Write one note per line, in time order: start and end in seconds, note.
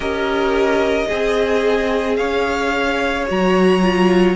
0.00 1.06 C#4
0.00 1.08 G4
0.00 1.07 A#4
0.00 2.16 D#5
1.07 2.19 C4
1.07 2.16 G#4
1.07 3.27 G#4
2.16 3.28 C#4
2.16 4.36 C#5
2.16 3.25 F5
3.27 4.36 F#3
3.27 3.82 F#4
3.27 4.36 A#5
3.82 4.36 F4